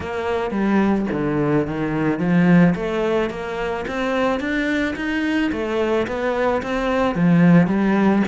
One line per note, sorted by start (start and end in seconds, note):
0.00 0.51 A#3
0.51 1.06 G3
1.12 1.67 D3
1.67 2.19 D#3
2.19 2.74 F3
2.75 3.30 A3
3.30 3.85 A#3
3.87 4.39 C4
4.39 4.94 D4
4.96 5.51 D#4
5.51 6.07 A3
6.07 6.62 B3
6.62 7.15 C4
7.15 7.67 F3
7.67 8.22 G3